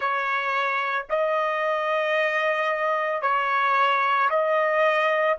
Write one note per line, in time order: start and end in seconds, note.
0.00 1.06 C#5
1.09 3.21 D#5
3.21 4.29 C#5
4.30 5.37 D#5